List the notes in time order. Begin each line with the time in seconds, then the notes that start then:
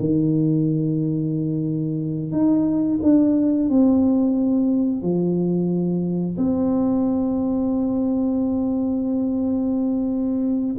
0.00 D#3
2.32 D#4
3.02 D4
3.70 C4
5.02 F3
6.37 C4